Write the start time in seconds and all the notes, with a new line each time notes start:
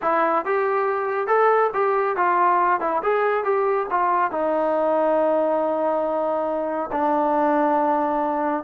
0.02 E4
0.45 G4
1.27 A4
1.73 G4
2.16 F4
2.80 E4
3.03 G#4
3.43 G4
3.90 F4
4.31 D#4
6.92 D4